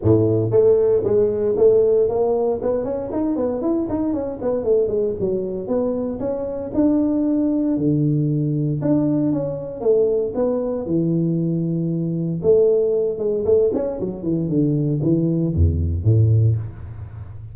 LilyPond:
\new Staff \with { instrumentName = "tuba" } { \time 4/4 \tempo 4 = 116 a,4 a4 gis4 a4 | ais4 b8 cis'8 dis'8 b8 e'8 dis'8 | cis'8 b8 a8 gis8 fis4 b4 | cis'4 d'2 d4~ |
d4 d'4 cis'4 a4 | b4 e2. | a4. gis8 a8 cis'8 fis8 e8 | d4 e4 e,4 a,4 | }